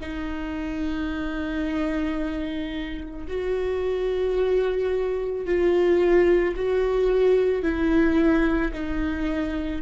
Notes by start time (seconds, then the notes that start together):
0.00 D#4
3.28 F#4
5.45 F4
6.56 F#4
7.63 E4
8.73 D#4